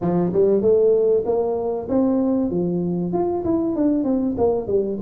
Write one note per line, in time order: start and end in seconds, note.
0.01 0.32 F3
0.32 0.61 G3
0.61 1.24 A3
1.25 1.88 A#3
1.88 2.50 C4
2.50 3.12 F3
3.12 3.44 F4
3.44 3.75 E4
3.75 4.04 D4
4.04 4.35 C4
4.37 4.67 A#3
4.67 4.98 G3